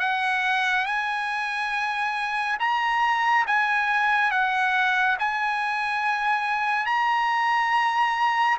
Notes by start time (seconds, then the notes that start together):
0.00 F#5
0.86 G#5
2.60 A#5
3.47 G#5
4.31 F#5
5.20 G#5
6.86 A#5